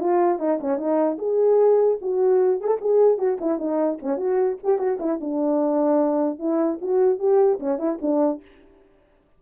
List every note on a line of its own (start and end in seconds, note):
0.00 0.39 F4
0.39 0.59 D#4
0.61 0.78 C#4
0.78 1.18 D#4
1.19 1.99 G#4
2.02 2.61 F#4
2.61 2.67 G#4
2.67 2.77 A4
2.81 3.19 G#4
3.19 3.39 F#4
3.41 3.59 E4
3.59 3.99 D#4
4.02 4.17 C#4
4.17 4.57 F#4
4.64 4.79 G4
4.79 4.99 F#4
5.00 5.20 E4
5.21 6.39 D4
6.39 6.79 E4
6.82 7.19 F#4
7.19 7.59 G4
7.60 7.79 C#4
7.79 7.99 E4
8.02 8.42 D4